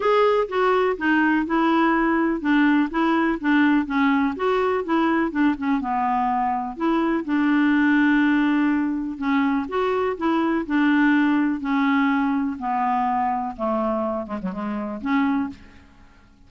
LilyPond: \new Staff \with { instrumentName = "clarinet" } { \time 4/4 \tempo 4 = 124 gis'4 fis'4 dis'4 e'4~ | e'4 d'4 e'4 d'4 | cis'4 fis'4 e'4 d'8 cis'8 | b2 e'4 d'4~ |
d'2. cis'4 | fis'4 e'4 d'2 | cis'2 b2 | a4. gis16 fis16 gis4 cis'4 | }